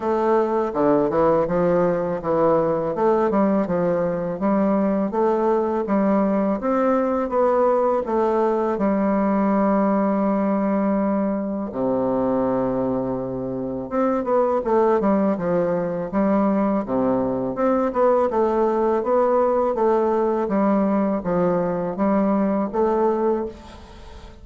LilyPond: \new Staff \with { instrumentName = "bassoon" } { \time 4/4 \tempo 4 = 82 a4 d8 e8 f4 e4 | a8 g8 f4 g4 a4 | g4 c'4 b4 a4 | g1 |
c2. c'8 b8 | a8 g8 f4 g4 c4 | c'8 b8 a4 b4 a4 | g4 f4 g4 a4 | }